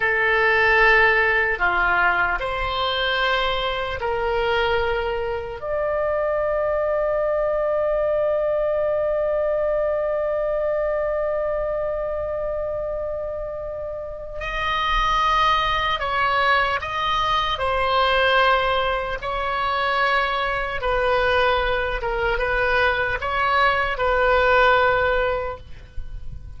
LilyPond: \new Staff \with { instrumentName = "oboe" } { \time 4/4 \tempo 4 = 75 a'2 f'4 c''4~ | c''4 ais'2 d''4~ | d''1~ | d''1~ |
d''2 dis''2 | cis''4 dis''4 c''2 | cis''2 b'4. ais'8 | b'4 cis''4 b'2 | }